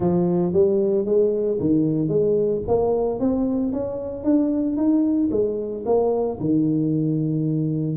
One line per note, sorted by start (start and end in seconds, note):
0.00 0.52 F3
0.52 1.05 G3
1.05 1.58 G#3
1.60 2.08 D#3
2.08 2.61 G#3
2.67 3.19 A#3
3.19 3.72 C4
3.72 4.23 C#4
4.23 4.76 D4
4.76 5.29 D#4
5.31 5.84 G#3
5.85 6.38 A#3
6.40 7.97 D#3